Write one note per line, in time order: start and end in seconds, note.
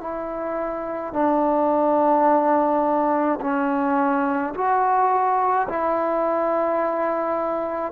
0.00 1.13 E4
1.13 3.39 D4
3.40 4.53 C#4
4.54 5.67 F#4
5.68 7.92 E4